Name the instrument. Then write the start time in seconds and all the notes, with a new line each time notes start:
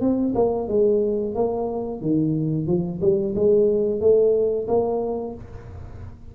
tuba
0.00 C4
0.35 A#3
0.68 G#3
1.34 A#3
2.01 D#3
2.66 F3
3.01 G3
3.35 G#3
4.00 A3
4.67 A#3